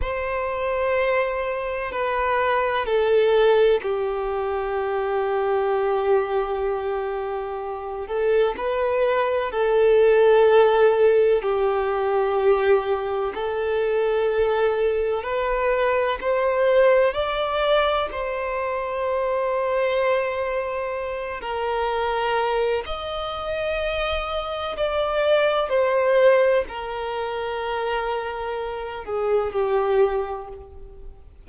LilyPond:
\new Staff \with { instrumentName = "violin" } { \time 4/4 \tempo 4 = 63 c''2 b'4 a'4 | g'1~ | g'8 a'8 b'4 a'2 | g'2 a'2 |
b'4 c''4 d''4 c''4~ | c''2~ c''8 ais'4. | dis''2 d''4 c''4 | ais'2~ ais'8 gis'8 g'4 | }